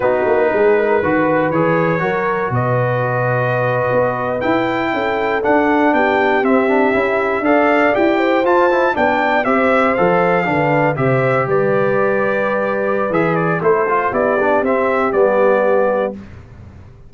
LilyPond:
<<
  \new Staff \with { instrumentName = "trumpet" } { \time 4/4 \tempo 4 = 119 b'2. cis''4~ | cis''4 dis''2.~ | dis''8. g''2 fis''4 g''16~ | g''8. e''2 f''4 g''16~ |
g''8. a''4 g''4 e''4 f''16~ | f''4.~ f''16 e''4 d''4~ d''16~ | d''2 e''8 d''8 c''4 | d''4 e''4 d''2 | }
  \new Staff \with { instrumentName = "horn" } { \time 4/4 fis'4 gis'8 ais'8 b'2 | ais'4 b'2.~ | b'4.~ b'16 a'2 g'16~ | g'2~ g'8. d''4~ d''16~ |
d''16 c''4. d''4 c''4~ c''16~ | c''8. b'4 c''4 b'4~ b'16~ | b'2. a'4 | g'1 | }
  \new Staff \with { instrumentName = "trombone" } { \time 4/4 dis'2 fis'4 gis'4 | fis'1~ | fis'8. e'2 d'4~ d'16~ | d'8. c'8 d'8 e'4 a'4 g'16~ |
g'8. f'8 e'8 d'4 g'4 a'16~ | a'8. d'4 g'2~ g'16~ | g'2 gis'4 e'8 f'8 | e'8 d'8 c'4 b2 | }
  \new Staff \with { instrumentName = "tuba" } { \time 4/4 b8 ais8 gis4 dis4 e4 | fis4 b,2~ b,8. b16~ | b8. e'4 cis'4 d'4 b16~ | b8. c'4 cis'4 d'4 e'16~ |
e'8. f'4 b4 c'4 f16~ | f8. d4 c4 g4~ g16~ | g2 e4 a4 | b4 c'4 g2 | }
>>